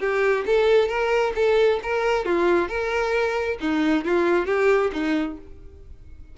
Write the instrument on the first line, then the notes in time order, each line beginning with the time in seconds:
violin
0.00 G4
0.46 A4
0.88 A#4
1.35 A4
1.83 A#4
2.25 F4
2.68 A#4
3.60 D#4
4.05 F4
4.46 G4
4.93 D#4